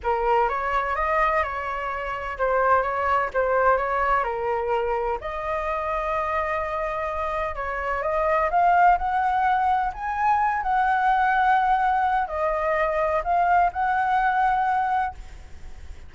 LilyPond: \new Staff \with { instrumentName = "flute" } { \time 4/4 \tempo 4 = 127 ais'4 cis''4 dis''4 cis''4~ | cis''4 c''4 cis''4 c''4 | cis''4 ais'2 dis''4~ | dis''1 |
cis''4 dis''4 f''4 fis''4~ | fis''4 gis''4. fis''4.~ | fis''2 dis''2 | f''4 fis''2. | }